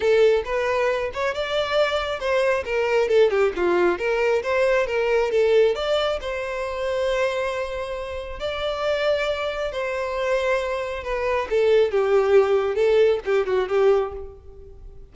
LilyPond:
\new Staff \with { instrumentName = "violin" } { \time 4/4 \tempo 4 = 136 a'4 b'4. cis''8 d''4~ | d''4 c''4 ais'4 a'8 g'8 | f'4 ais'4 c''4 ais'4 | a'4 d''4 c''2~ |
c''2. d''4~ | d''2 c''2~ | c''4 b'4 a'4 g'4~ | g'4 a'4 g'8 fis'8 g'4 | }